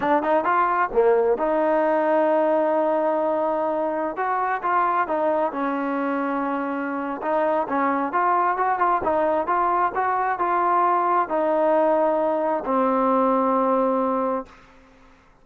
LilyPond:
\new Staff \with { instrumentName = "trombone" } { \time 4/4 \tempo 4 = 133 d'8 dis'8 f'4 ais4 dis'4~ | dis'1~ | dis'4~ dis'16 fis'4 f'4 dis'8.~ | dis'16 cis'2.~ cis'8. |
dis'4 cis'4 f'4 fis'8 f'8 | dis'4 f'4 fis'4 f'4~ | f'4 dis'2. | c'1 | }